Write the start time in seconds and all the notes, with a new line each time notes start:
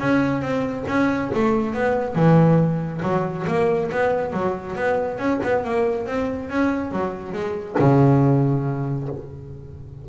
0.00 C#4
0.42 C4
0.88 C#4
1.35 A3
1.75 B3
2.16 E3
3.03 F#3
3.48 A#3
3.92 B3
4.33 F#3
4.76 B3
5.19 C#4
5.44 B3
5.65 A#3
6.07 C4
6.50 C#4
6.92 F#3
7.33 G#3
7.80 C#3